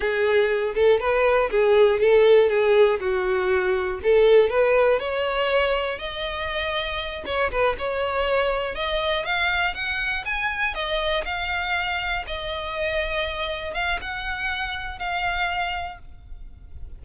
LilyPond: \new Staff \with { instrumentName = "violin" } { \time 4/4 \tempo 4 = 120 gis'4. a'8 b'4 gis'4 | a'4 gis'4 fis'2 | a'4 b'4 cis''2 | dis''2~ dis''8 cis''8 b'8 cis''8~ |
cis''4. dis''4 f''4 fis''8~ | fis''8 gis''4 dis''4 f''4.~ | f''8 dis''2. f''8 | fis''2 f''2 | }